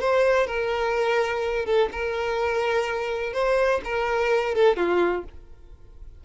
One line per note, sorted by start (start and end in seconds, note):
0.00 0.46 C5
0.46 1.65 A#4
1.65 1.89 A4
1.92 3.33 A#4
3.33 3.80 C5
3.84 4.55 A#4
4.55 4.76 A4
4.76 5.24 F4